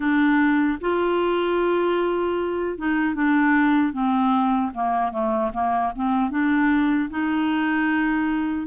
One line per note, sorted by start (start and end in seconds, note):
0.00 0.78 D4
0.80 2.77 F4
2.77 3.14 D#4
3.14 3.93 D4
3.93 4.72 C4
4.74 5.12 A#3
5.12 5.51 A3
5.53 5.92 A#3
5.95 6.30 C4
6.30 7.09 D4
7.09 8.67 D#4